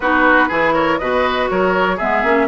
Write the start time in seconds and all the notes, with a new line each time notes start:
0.00 B3 D#4 F#4 B4
0.48 E3 E4 G#4
0.73 A#4 C#5
0.98 B2 F#4 B4 D#5
1.49 F#3 A#4 C#5
1.96 G#3 B3 G#4 E5
2.23 A#3 C#4